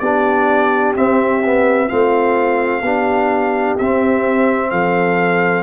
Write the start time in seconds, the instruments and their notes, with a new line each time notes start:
0.00 tuba B3, trombone D4, horn G4, trumpet D5
0.96 trombone C4, tuba C4, trumpet E5
1.44 trombone B3
1.88 tuba A3, trombone C4, horn F4, trumpet F5
2.82 tuba B3, trombone D4, horn G4
3.79 tuba C4, trombone C4, trumpet E5
4.71 tuba F3, horn A4, trumpet F5